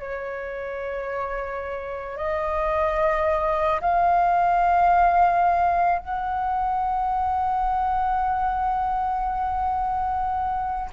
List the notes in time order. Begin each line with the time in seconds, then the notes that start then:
0.00 C#5
2.18 D#5
3.82 F5
6.00 F#5